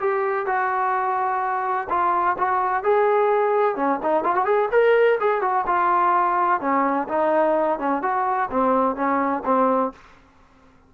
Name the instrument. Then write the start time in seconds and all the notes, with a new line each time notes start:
trombone
0.00 G4
0.46 F#4
1.89 F4
2.38 F#4
2.83 G#4
3.76 C#4
4.03 D#4
4.24 F4
4.35 F#4
4.45 G#4
4.72 A#4
5.20 G#4
5.41 F#4
5.67 F4
6.61 C#4
7.08 D#4
7.79 C#4
8.02 F#4
8.51 C4
8.96 C#4
9.45 C4